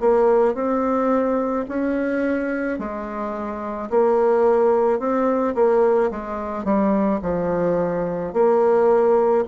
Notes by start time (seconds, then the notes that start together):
0.00 A#3
0.55 C4
1.68 C#4
2.79 G#3
3.90 A#3
4.99 C4
5.55 A#3
6.11 G#3
6.65 G3
7.22 F3
8.33 A#3